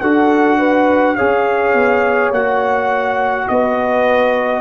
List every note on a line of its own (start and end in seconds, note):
0.00 1.17 D4
0.00 1.18 F#4
0.00 0.58 A4
0.00 1.15 F#5
0.58 1.16 B4
1.15 1.74 C#4
1.15 2.33 G#4
1.15 3.47 C#5
1.15 2.30 F5
1.74 2.30 B3
2.30 3.46 A#3
2.30 4.61 F#4
2.30 3.48 F#5
3.48 4.61 B3
3.48 4.61 B4
3.48 4.61 D#5